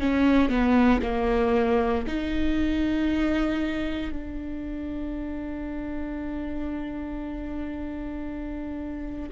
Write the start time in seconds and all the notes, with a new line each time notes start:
0.00 C#4
0.49 B3
1.03 A#3
2.07 D#4
4.12 D4